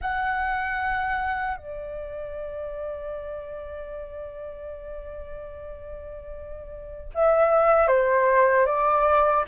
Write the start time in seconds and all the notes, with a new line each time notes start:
0.01 F#5
1.57 D5
7.14 E5
7.87 C5
8.66 D5